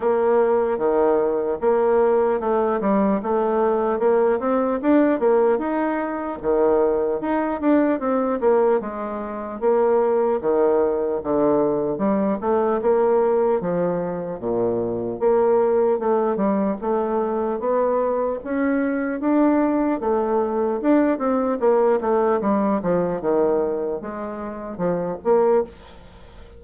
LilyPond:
\new Staff \with { instrumentName = "bassoon" } { \time 4/4 \tempo 4 = 75 ais4 dis4 ais4 a8 g8 | a4 ais8 c'8 d'8 ais8 dis'4 | dis4 dis'8 d'8 c'8 ais8 gis4 | ais4 dis4 d4 g8 a8 |
ais4 f4 ais,4 ais4 | a8 g8 a4 b4 cis'4 | d'4 a4 d'8 c'8 ais8 a8 | g8 f8 dis4 gis4 f8 ais8 | }